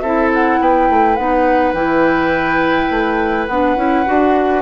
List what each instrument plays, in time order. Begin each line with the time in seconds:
0.00 bassoon C4, clarinet E4, oboe A4, flute E5
0.34 flute F#5
0.60 bassoon B3, oboe B4, flute G5
0.89 bassoon A3
1.15 bassoon B3, clarinet D#4, flute F#5
1.73 bassoon E3, clarinet E4, flute G5
2.90 bassoon A3
3.47 bassoon B3, clarinet D4, flute F#5
3.76 bassoon C#4, clarinet E4
4.05 bassoon D4, clarinet F#4